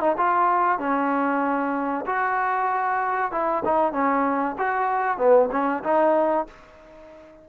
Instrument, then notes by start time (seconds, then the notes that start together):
trombone
0.00 D#4
0.17 F4
0.79 C#4
2.06 F#4
3.32 E4
3.65 D#4
3.92 C#4
4.58 F#4
5.18 B3
5.51 C#4
5.84 D#4